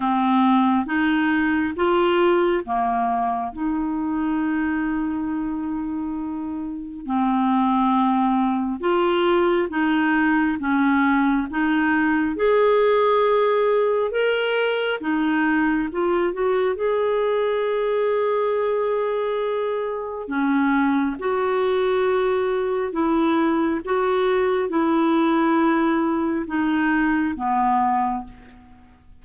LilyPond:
\new Staff \with { instrumentName = "clarinet" } { \time 4/4 \tempo 4 = 68 c'4 dis'4 f'4 ais4 | dis'1 | c'2 f'4 dis'4 | cis'4 dis'4 gis'2 |
ais'4 dis'4 f'8 fis'8 gis'4~ | gis'2. cis'4 | fis'2 e'4 fis'4 | e'2 dis'4 b4 | }